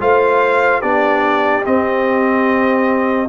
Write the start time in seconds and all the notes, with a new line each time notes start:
0.00 A3 F4 C5 F5
0.80 B3 D4 G4 D5
1.65 C4 D#5